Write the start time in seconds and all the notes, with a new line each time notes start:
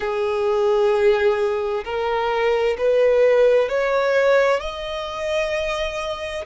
0.00 G#4
1.84 A#4
2.78 B4
3.68 C#5
4.60 D#5